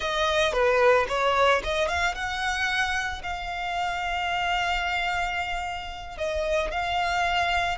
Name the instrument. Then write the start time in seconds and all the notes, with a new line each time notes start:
violin
0.00 D#5
0.52 B4
1.08 C#5
1.63 D#5
1.88 F5
2.14 F#5
3.23 F5
6.17 D#5
6.71 F5